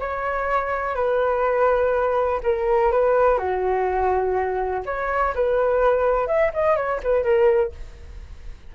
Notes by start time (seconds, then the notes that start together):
0.00 C#5
0.95 B4
2.43 A#4
2.91 B4
3.38 F#4
4.86 C#5
5.34 B4
6.27 E5
6.53 D#5
6.76 C#5
7.03 B4
7.23 A#4